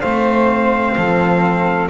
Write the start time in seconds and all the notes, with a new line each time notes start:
0.00 A3 C4 C5 F5
0.96 F3 A4